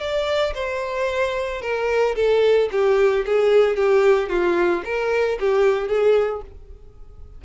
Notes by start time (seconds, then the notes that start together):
0.00 D5
0.54 C5
1.61 A#4
2.16 A4
2.72 G4
3.26 G#4
3.76 G4
4.29 F4
4.85 A#4
5.40 G4
5.88 G#4